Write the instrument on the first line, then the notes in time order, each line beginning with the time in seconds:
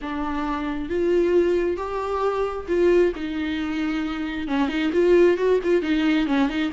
viola
0.01 D4
0.89 F4
1.76 G4
2.67 F4
3.15 D#4
4.47 C#4
4.68 D#4
4.93 F4
5.37 F#4
5.63 F4
5.82 D#4
6.26 C#4
6.49 D#4